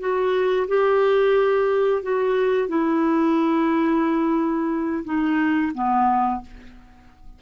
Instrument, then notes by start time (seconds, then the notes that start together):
clarinet
0.00 F#4
0.68 G4
2.03 F#4
2.68 E4
5.05 D#4
5.75 B3